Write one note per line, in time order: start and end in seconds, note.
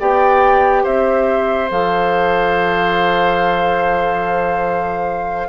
0.00 0.85 B3
0.00 1.69 G4
0.00 0.83 D5
0.00 0.85 G5
0.83 1.70 C4
0.83 5.48 C5
0.83 1.70 E5
1.69 5.49 F3
1.69 5.49 A4
1.69 5.49 F5